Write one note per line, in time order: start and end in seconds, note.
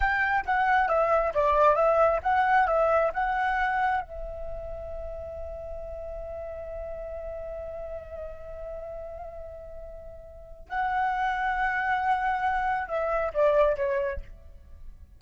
0.00 0.44 G5
0.45 0.88 F#5
0.88 1.33 E5
1.34 1.75 D5
1.75 2.20 E5
2.22 2.67 F#5
2.67 3.11 E5
3.13 4.01 F#5
4.01 10.67 E5
10.69 12.88 F#5
12.88 13.32 E5
13.33 13.76 D5
13.76 14.20 C#5